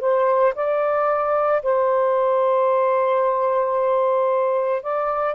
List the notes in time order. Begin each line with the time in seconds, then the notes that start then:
0.00 C5
0.55 D5
1.63 C5
4.83 D5